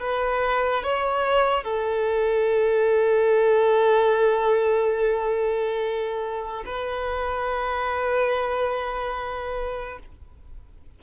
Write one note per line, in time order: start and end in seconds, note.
0.00 0.83 B4
0.83 1.64 C#5
1.64 6.64 A4
6.66 9.99 B4